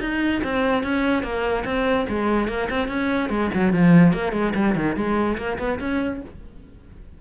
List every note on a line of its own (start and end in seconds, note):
0.00 0.41 D#4
0.43 0.83 C4
0.83 1.22 C#4
1.22 1.64 A#3
1.65 2.06 C4
2.08 2.48 G#3
2.48 2.68 A#3
2.70 2.88 C4
2.88 3.29 C#4
3.29 3.50 G#3
3.54 3.72 F#3
3.72 4.13 F3
4.13 4.32 A#3
4.32 4.53 G#3
4.55 4.75 G3
4.75 4.95 D#3
4.95 5.37 G#3
5.37 5.58 A#3
5.58 5.79 B3
5.79 6.21 C#4